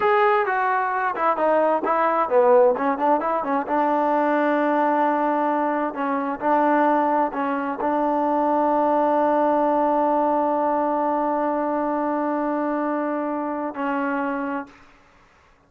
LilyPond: \new Staff \with { instrumentName = "trombone" } { \time 4/4 \tempo 4 = 131 gis'4 fis'4. e'8 dis'4 | e'4 b4 cis'8 d'8 e'8 cis'8 | d'1~ | d'4 cis'4 d'2 |
cis'4 d'2.~ | d'1~ | d'1~ | d'2 cis'2 | }